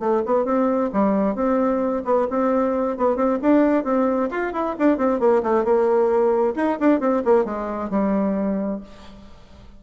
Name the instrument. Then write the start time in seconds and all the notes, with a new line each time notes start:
bassoon
0.00 A3
0.26 B3
0.45 C4
0.93 G3
1.36 C4
2.05 B3
2.30 C4
2.97 B3
3.16 C4
3.42 D4
3.84 C4
4.30 F4
4.53 E4
4.79 D4
4.98 C4
5.20 A#3
5.43 A3
5.65 A#3
6.56 D#4
6.80 D4
7.00 C4
7.25 A#3
7.45 G#3
7.90 G3